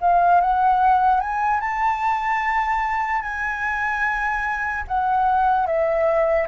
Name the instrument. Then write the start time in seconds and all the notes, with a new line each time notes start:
flute
0.00 F5
0.41 F#5
1.20 G#5
1.60 A5
3.21 G#5
4.87 F#5
5.66 E5